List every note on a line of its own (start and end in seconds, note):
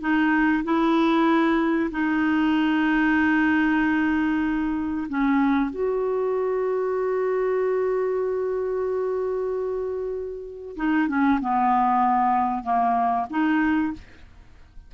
0.00 0.63 D#4
0.63 1.90 E4
1.91 5.07 D#4
5.09 5.70 C#4
5.70 10.75 F#4
10.76 11.08 D#4
11.08 11.39 C#4
11.40 12.63 B3
12.63 13.26 A#3
13.30 13.93 D#4